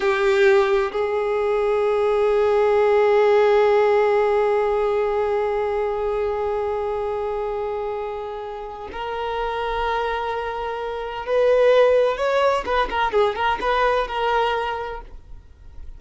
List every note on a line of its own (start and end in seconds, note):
0.00 0.91 G4
0.92 8.88 G#4
8.92 11.25 A#4
11.25 12.17 B4
12.17 12.64 C#5
12.65 12.89 B4
12.89 13.12 A#4
13.12 13.35 G#4
13.35 13.59 A#4
13.61 14.07 B4
14.07 15.01 A#4